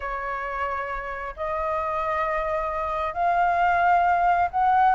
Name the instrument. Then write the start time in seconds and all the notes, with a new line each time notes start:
flute
0.00 C#5
1.36 D#5
3.13 F5
4.50 F#5